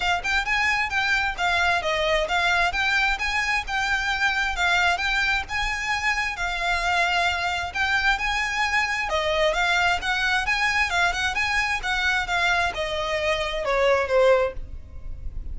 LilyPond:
\new Staff \with { instrumentName = "violin" } { \time 4/4 \tempo 4 = 132 f''8 g''8 gis''4 g''4 f''4 | dis''4 f''4 g''4 gis''4 | g''2 f''4 g''4 | gis''2 f''2~ |
f''4 g''4 gis''2 | dis''4 f''4 fis''4 gis''4 | f''8 fis''8 gis''4 fis''4 f''4 | dis''2 cis''4 c''4 | }